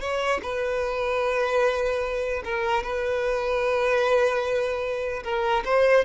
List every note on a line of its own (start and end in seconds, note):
0.00 0.40 C#5
0.42 2.42 B4
2.44 2.83 A#4
2.83 5.23 B4
5.23 5.63 A#4
5.64 6.04 C5